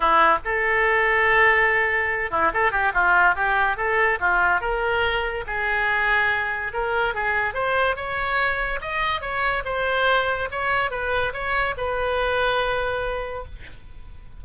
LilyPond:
\new Staff \with { instrumentName = "oboe" } { \time 4/4 \tempo 4 = 143 e'4 a'2.~ | a'4. e'8 a'8 g'8 f'4 | g'4 a'4 f'4 ais'4~ | ais'4 gis'2. |
ais'4 gis'4 c''4 cis''4~ | cis''4 dis''4 cis''4 c''4~ | c''4 cis''4 b'4 cis''4 | b'1 | }